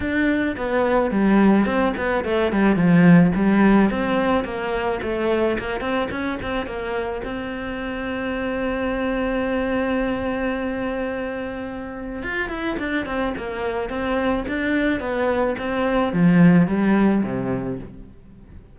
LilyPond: \new Staff \with { instrumentName = "cello" } { \time 4/4 \tempo 4 = 108 d'4 b4 g4 c'8 b8 | a8 g8 f4 g4 c'4 | ais4 a4 ais8 c'8 cis'8 c'8 | ais4 c'2.~ |
c'1~ | c'2 f'8 e'8 d'8 c'8 | ais4 c'4 d'4 b4 | c'4 f4 g4 c4 | }